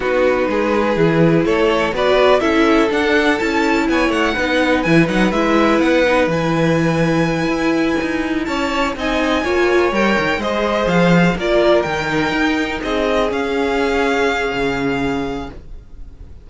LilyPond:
<<
  \new Staff \with { instrumentName = "violin" } { \time 4/4 \tempo 4 = 124 b'2. cis''4 | d''4 e''4 fis''4 a''4 | gis''8 fis''4. gis''8 fis''8 e''4 | fis''4 gis''2.~ |
gis''4. a''4 gis''4.~ | gis''8 g''4 dis''4 f''4 d''8~ | d''8 g''2 dis''4 f''8~ | f''1 | }
  \new Staff \with { instrumentName = "violin" } { \time 4/4 fis'4 gis'2 a'4 | b'4 a'2. | cis''4 b'2.~ | b'1~ |
b'4. cis''4 dis''4 cis''8~ | cis''4. c''2 ais'8~ | ais'2~ ais'8 gis'4.~ | gis'1 | }
  \new Staff \with { instrumentName = "viola" } { \time 4/4 dis'2 e'2 | fis'4 e'4 d'4 e'4~ | e'4 dis'4 e'8 dis'8 e'4~ | e'8 dis'8 e'2.~ |
e'2~ e'8 dis'4 f'8~ | f'8 ais'4 gis'2 f'8~ | f'8 dis'2. cis'8~ | cis'1 | }
  \new Staff \with { instrumentName = "cello" } { \time 4/4 b4 gis4 e4 a4 | b4 cis'4 d'4 cis'4 | b8 a8 b4 e8 fis8 gis4 | b4 e2~ e8 e'8~ |
e'8 dis'4 cis'4 c'4 ais8~ | ais8 g8 dis8 gis4 f4 ais8~ | ais8 dis4 dis'4 c'4 cis'8~ | cis'2 cis2 | }
>>